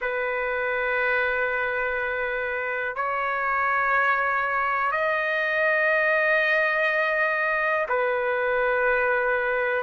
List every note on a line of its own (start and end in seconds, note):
0.00 2.95 B4
2.95 4.91 C#5
4.91 7.86 D#5
7.88 9.82 B4